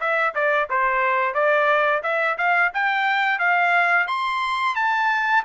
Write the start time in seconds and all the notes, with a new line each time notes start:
0.00 E5
0.34 D5
0.69 C5
1.34 D5
2.03 E5
2.38 F5
2.74 G5
3.39 F5
4.08 C6
4.75 A5